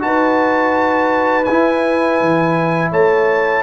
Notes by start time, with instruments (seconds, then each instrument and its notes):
0.00 tuba D#4, trombone F#4, horn B4, trumpet A5
1.45 tuba E4, trombone E4, trumpet G#5
2.20 tuba E3
2.91 tuba A3, horn C#5, trumpet A5